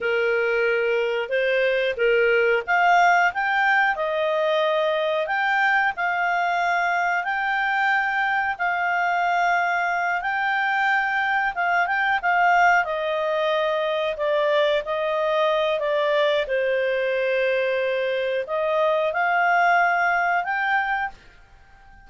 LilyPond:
\new Staff \with { instrumentName = "clarinet" } { \time 4/4 \tempo 4 = 91 ais'2 c''4 ais'4 | f''4 g''4 dis''2 | g''4 f''2 g''4~ | g''4 f''2~ f''8 g''8~ |
g''4. f''8 g''8 f''4 dis''8~ | dis''4. d''4 dis''4. | d''4 c''2. | dis''4 f''2 g''4 | }